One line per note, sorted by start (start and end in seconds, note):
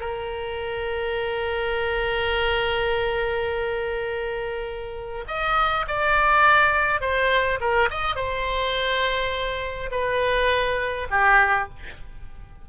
0.00 5.24 A#4
5.27 5.86 D#5
5.88 7.01 D5
7.01 7.59 C5
7.60 7.89 A#4
7.90 8.16 D#5
8.16 9.91 C5
9.91 11.08 B4
11.11 11.69 G4